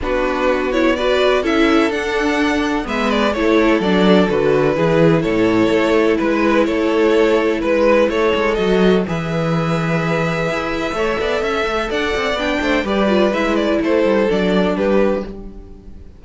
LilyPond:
<<
  \new Staff \with { instrumentName = "violin" } { \time 4/4 \tempo 4 = 126 b'4. cis''8 d''4 e''4 | fis''2 e''8 d''8 cis''4 | d''4 b'2 cis''4~ | cis''4 b'4 cis''2 |
b'4 cis''4 dis''4 e''4~ | e''1~ | e''4 fis''4 g''4 d''4 | e''8 d''8 c''4 d''4 b'4 | }
  \new Staff \with { instrumentName = "violin" } { \time 4/4 fis'2 b'4 a'4~ | a'2 b'4 a'4~ | a'2 gis'4 a'4~ | a'4 b'4 a'2 |
b'4 a'2 b'4~ | b'2. cis''8 d''8 | e''4 d''4. c''8 b'4~ | b'4 a'2 g'4 | }
  \new Staff \with { instrumentName = "viola" } { \time 4/4 d'4. e'8 fis'4 e'4 | d'2 b4 e'4 | d'4 fis'4 e'2~ | e'1~ |
e'2 fis'4 gis'4~ | gis'2. a'4~ | a'2 d'4 g'8 f'8 | e'2 d'2 | }
  \new Staff \with { instrumentName = "cello" } { \time 4/4 b2. cis'4 | d'2 gis4 a4 | fis4 d4 e4 a,4 | a4 gis4 a2 |
gis4 a8 gis8 fis4 e4~ | e2 e'4 a8 b8 | cis'8 a8 d'8 c'8 b8 a8 g4 | gis4 a8 g8 fis4 g4 | }
>>